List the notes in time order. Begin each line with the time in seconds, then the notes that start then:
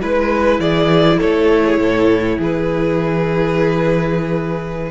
0.00 G#3 E4 B4
0.59 E3 G#4 D5
1.18 A3 A4 C#5
1.65 G#4
1.77 A2 A4
2.38 E3 G#4 B4